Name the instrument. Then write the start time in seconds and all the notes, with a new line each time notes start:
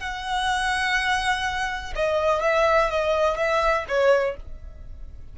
violin
0.00 F#5
1.96 D#5
2.42 E5
2.90 D#5
3.37 E5
3.88 C#5